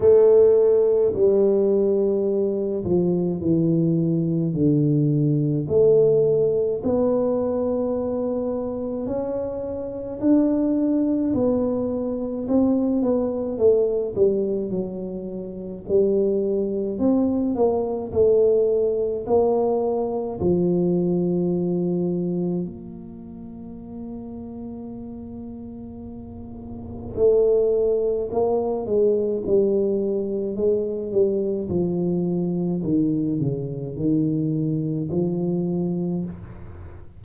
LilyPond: \new Staff \with { instrumentName = "tuba" } { \time 4/4 \tempo 4 = 53 a4 g4. f8 e4 | d4 a4 b2 | cis'4 d'4 b4 c'8 b8 | a8 g8 fis4 g4 c'8 ais8 |
a4 ais4 f2 | ais1 | a4 ais8 gis8 g4 gis8 g8 | f4 dis8 cis8 dis4 f4 | }